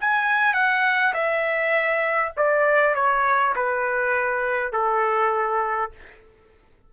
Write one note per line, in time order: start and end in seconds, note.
0.00 0.53 G#5
0.53 1.13 F#5
1.13 2.32 E5
2.37 2.95 D5
2.95 3.54 C#5
3.55 4.72 B4
4.72 5.91 A4